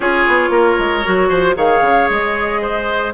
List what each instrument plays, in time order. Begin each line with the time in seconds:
0.00 bassoon C#4, clarinet F4, oboe G#4, flute C#5
0.27 bassoon B3
0.49 bassoon A#3, oboe A#4
0.78 bassoon G#3
1.04 bassoon F#3, clarinet F#4
1.28 bassoon F3, oboe C5
1.55 bassoon D#3, clarinet G#4, oboe C#5, flute F5
1.81 bassoon C#3
2.08 bassoon G#3, flute D#5
2.61 oboe C5